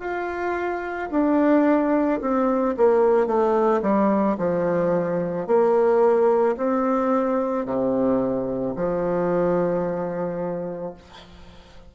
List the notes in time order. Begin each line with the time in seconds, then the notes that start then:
0.00 F4
1.11 D4
2.21 C4
2.77 A#3
3.27 A3
3.82 G3
4.38 F3
5.47 A#3
6.57 C4
7.66 C3
8.76 F3